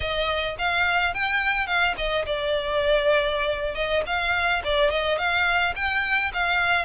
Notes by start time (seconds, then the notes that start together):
0.00 D#5
0.58 F5
1.14 G5
1.66 F5
1.97 D#5
2.26 D5
3.74 D#5
4.06 F5
4.63 D5
4.90 D#5
5.17 F5
5.75 G5
6.33 F5